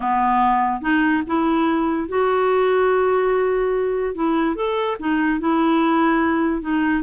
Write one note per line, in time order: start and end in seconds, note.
0.00 0.81 B3
0.81 1.22 D#4
1.26 2.08 E4
2.08 4.15 F#4
4.15 4.55 E4
4.55 4.97 A4
4.99 5.39 D#4
5.39 6.61 E4
6.61 7.03 D#4